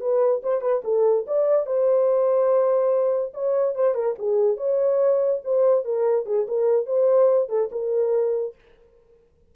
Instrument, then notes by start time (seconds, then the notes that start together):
horn
0.00 B4
0.43 C5
0.61 B4
0.84 A4
1.27 D5
1.66 C5
3.34 C#5
3.75 C5
3.95 A#4
4.18 G#4
4.57 C#5
5.44 C5
5.84 A#4
6.26 G#4
6.48 A#4
6.86 C5
7.49 A4
7.72 A#4